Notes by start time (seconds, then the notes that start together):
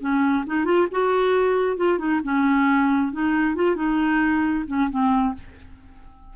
0.00 C#4
0.46 D#4
0.65 F4
0.91 F#4
1.77 F4
1.98 D#4
2.24 C#4
3.13 D#4
3.55 F4
3.76 D#4
4.67 C#4
4.90 C4